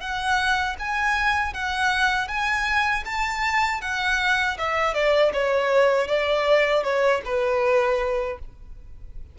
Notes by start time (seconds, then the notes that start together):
0.00 F#5
0.79 G#5
1.53 F#5
2.28 G#5
3.05 A5
3.81 F#5
4.58 E5
4.94 D5
5.33 C#5
6.07 D5
6.83 C#5
7.25 B4